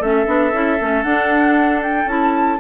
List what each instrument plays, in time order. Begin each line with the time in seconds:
0.00 bassoon A3, clarinet C#4, oboe A4, flute E5
0.26 bassoon B3, clarinet D4
0.53 bassoon C#4, clarinet E4
0.80 bassoon A3, clarinet C#4
1.03 bassoon D4, clarinet D4, flute F#5
1.83 flute G5
2.06 bassoon C#4, clarinet E4, flute A5